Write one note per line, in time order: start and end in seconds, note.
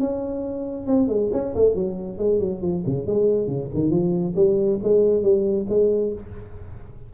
0.00 0.87 C#4
0.87 1.09 C4
1.09 1.31 G#3
1.33 1.55 C#4
1.56 1.75 A3
1.75 2.19 F#3
2.19 2.40 G#3
2.40 2.62 F#3
2.62 2.84 F3
2.86 3.07 C#3
3.07 3.48 G#3
3.48 3.69 C#3
3.75 3.91 D#3
3.91 4.35 F3
4.36 4.80 G3
4.84 5.23 G#3
5.23 5.67 G3
5.70 6.14 G#3